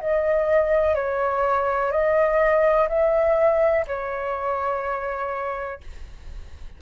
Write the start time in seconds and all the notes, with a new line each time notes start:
0.00 D#5
0.95 C#5
1.91 D#5
2.88 E5
3.87 C#5